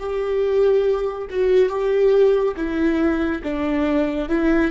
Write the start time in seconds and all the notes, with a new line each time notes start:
0.00 G4
1.31 F#4
1.69 G4
2.57 E4
3.44 D4
4.29 E4